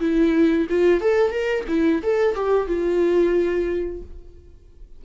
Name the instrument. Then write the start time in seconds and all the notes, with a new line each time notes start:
viola
0.00 E4
0.70 F4
1.01 A4
1.31 A#4
1.68 E4
2.03 A4
2.35 G4
2.67 F4